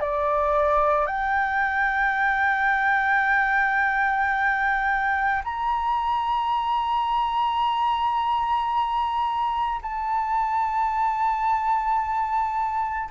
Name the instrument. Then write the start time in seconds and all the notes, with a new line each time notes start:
flute
0.00 D5
1.06 G5
5.44 A#5
9.82 A5